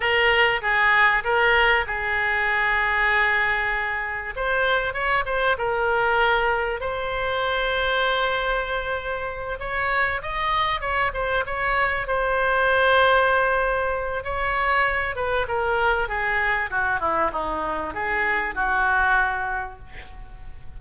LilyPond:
\new Staff \with { instrumentName = "oboe" } { \time 4/4 \tempo 4 = 97 ais'4 gis'4 ais'4 gis'4~ | gis'2. c''4 | cis''8 c''8 ais'2 c''4~ | c''2.~ c''8 cis''8~ |
cis''8 dis''4 cis''8 c''8 cis''4 c''8~ | c''2. cis''4~ | cis''8 b'8 ais'4 gis'4 fis'8 e'8 | dis'4 gis'4 fis'2 | }